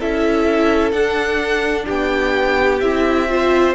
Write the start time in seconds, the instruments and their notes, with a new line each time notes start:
0.00 cello C#4, viola E4, violin A4 E5
0.92 cello D4, viola D4, violin F#5
1.86 cello B3, violin G4 G5
2.80 cello C4, viola E4, violin E5
3.29 viola F4, violin C5